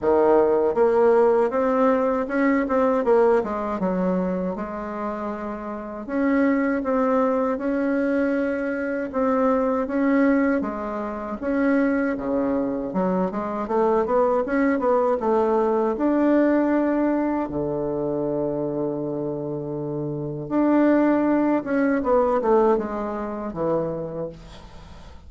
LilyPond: \new Staff \with { instrumentName = "bassoon" } { \time 4/4 \tempo 4 = 79 dis4 ais4 c'4 cis'8 c'8 | ais8 gis8 fis4 gis2 | cis'4 c'4 cis'2 | c'4 cis'4 gis4 cis'4 |
cis4 fis8 gis8 a8 b8 cis'8 b8 | a4 d'2 d4~ | d2. d'4~ | d'8 cis'8 b8 a8 gis4 e4 | }